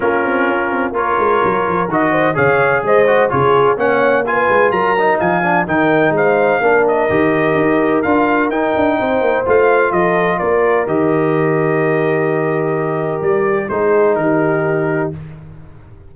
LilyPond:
<<
  \new Staff \with { instrumentName = "trumpet" } { \time 4/4 \tempo 4 = 127 ais'2 cis''2 | dis''4 f''4 dis''4 cis''4 | fis''4 gis''4 ais''4 gis''4 | g''4 f''4. dis''4.~ |
dis''4 f''4 g''2 | f''4 dis''4 d''4 dis''4~ | dis''1 | d''4 c''4 ais'2 | }
  \new Staff \with { instrumentName = "horn" } { \time 4/4 f'2 ais'2~ | ais'8 c''8 cis''4 c''4 gis'4 | cis''4 b'4 ais'4 f''4 | ais'4 c''4 ais'2~ |
ais'2. c''4~ | c''4 a'4 ais'2~ | ais'1~ | ais'4 gis'4 g'2 | }
  \new Staff \with { instrumentName = "trombone" } { \time 4/4 cis'2 f'2 | fis'4 gis'4. fis'8 f'4 | cis'4 f'4. dis'4 d'8 | dis'2 d'4 g'4~ |
g'4 f'4 dis'2 | f'2. g'4~ | g'1~ | g'4 dis'2. | }
  \new Staff \with { instrumentName = "tuba" } { \time 4/4 ais8 c'8 cis'8 c'8 ais8 gis8 fis8 f8 | dis4 cis4 gis4 cis4 | ais4. gis8 fis4 f4 | dis4 gis4 ais4 dis4 |
dis'4 d'4 dis'8 d'8 c'8 ais8 | a4 f4 ais4 dis4~ | dis1 | g4 gis4 dis2 | }
>>